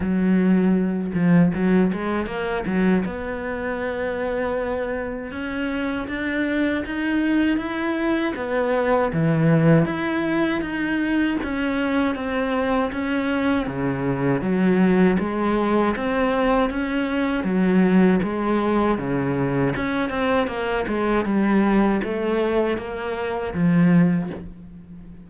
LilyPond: \new Staff \with { instrumentName = "cello" } { \time 4/4 \tempo 4 = 79 fis4. f8 fis8 gis8 ais8 fis8 | b2. cis'4 | d'4 dis'4 e'4 b4 | e4 e'4 dis'4 cis'4 |
c'4 cis'4 cis4 fis4 | gis4 c'4 cis'4 fis4 | gis4 cis4 cis'8 c'8 ais8 gis8 | g4 a4 ais4 f4 | }